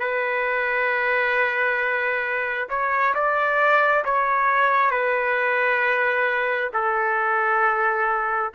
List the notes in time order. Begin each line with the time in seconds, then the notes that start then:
0.00 B4
2.69 C#5
3.15 D5
4.05 C#5
4.91 B4
6.73 A4